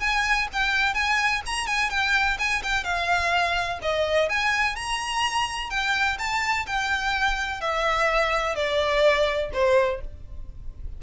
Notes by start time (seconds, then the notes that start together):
0.00 G#5
0.53 G5
0.94 G#5
1.46 A#5
1.67 G#5
1.90 G5
2.39 G#5
2.63 G5
2.84 F5
3.82 D#5
4.29 G#5
4.76 A#5
5.70 G5
6.18 A5
6.67 G5
7.61 E5
8.55 D5
9.53 C5